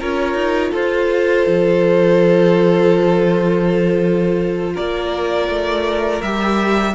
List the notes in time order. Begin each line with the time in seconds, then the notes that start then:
0.00 C#4 F4 A#4 C#5
0.34 D#4
0.71 F4 A4 C5
1.47 F3
4.74 A#3 A#4 D5
5.48 A3
6.22 G3 G4 E5